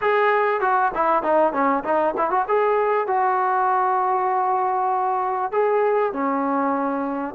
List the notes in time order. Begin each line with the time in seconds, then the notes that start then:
0.01 G#4
0.60 F#4
0.94 E4
1.22 D#4
1.53 C#4
1.84 D#4
2.17 E4
2.30 F#4
2.48 G#4
3.07 F#4
5.51 G#4
6.12 C#4